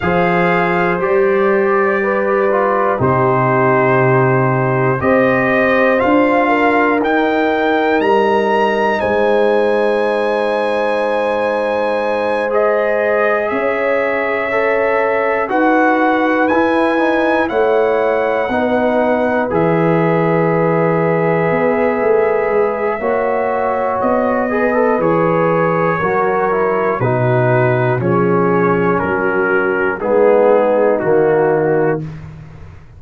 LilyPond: <<
  \new Staff \with { instrumentName = "trumpet" } { \time 4/4 \tempo 4 = 60 f''4 d''2 c''4~ | c''4 dis''4 f''4 g''4 | ais''4 gis''2.~ | gis''8 dis''4 e''2 fis''8~ |
fis''8 gis''4 fis''2 e''8~ | e''1 | dis''4 cis''2 b'4 | cis''4 ais'4 gis'4 fis'4 | }
  \new Staff \with { instrumentName = "horn" } { \time 4/4 c''2 b'4 g'4~ | g'4 c''4. ais'4.~ | ais'4 c''2.~ | c''4. cis''2 b'8~ |
b'4. cis''4 b'4.~ | b'2. cis''4~ | cis''8 b'4. ais'4 fis'4 | gis'4 fis'4 dis'2 | }
  \new Staff \with { instrumentName = "trombone" } { \time 4/4 gis'4 g'4. f'8 dis'4~ | dis'4 g'4 f'4 dis'4~ | dis'1~ | dis'8 gis'2 a'4 fis'8~ |
fis'8 e'8 dis'8 e'4 dis'4 gis'8~ | gis'2. fis'4~ | fis'8 gis'16 a'16 gis'4 fis'8 e'8 dis'4 | cis'2 b4 ais4 | }
  \new Staff \with { instrumentName = "tuba" } { \time 4/4 f4 g2 c4~ | c4 c'4 d'4 dis'4 | g4 gis2.~ | gis4. cis'2 dis'8~ |
dis'8 e'4 a4 b4 e8~ | e4. b8 a8 gis8 ais4 | b4 e4 fis4 b,4 | f4 fis4 gis4 dis4 | }
>>